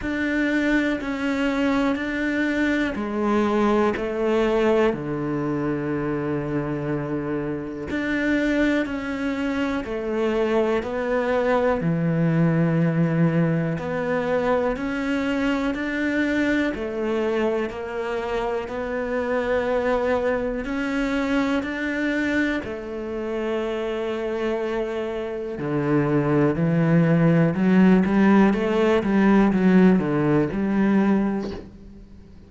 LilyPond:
\new Staff \with { instrumentName = "cello" } { \time 4/4 \tempo 4 = 61 d'4 cis'4 d'4 gis4 | a4 d2. | d'4 cis'4 a4 b4 | e2 b4 cis'4 |
d'4 a4 ais4 b4~ | b4 cis'4 d'4 a4~ | a2 d4 e4 | fis8 g8 a8 g8 fis8 d8 g4 | }